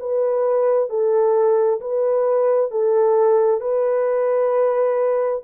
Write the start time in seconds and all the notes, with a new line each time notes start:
0.00 B4
0.90 A4
1.81 B4
2.71 A4
3.61 B4